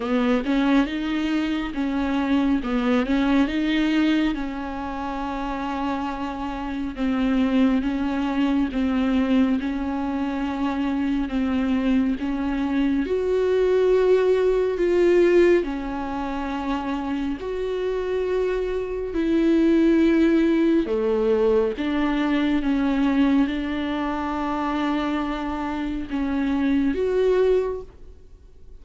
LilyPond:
\new Staff \with { instrumentName = "viola" } { \time 4/4 \tempo 4 = 69 b8 cis'8 dis'4 cis'4 b8 cis'8 | dis'4 cis'2. | c'4 cis'4 c'4 cis'4~ | cis'4 c'4 cis'4 fis'4~ |
fis'4 f'4 cis'2 | fis'2 e'2 | a4 d'4 cis'4 d'4~ | d'2 cis'4 fis'4 | }